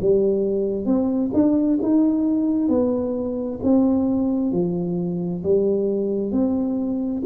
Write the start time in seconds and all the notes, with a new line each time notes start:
0.00 G3
0.85 C4
1.33 D4
1.82 D#4
2.68 B3
3.63 C4
4.52 F3
5.43 G3
6.31 C4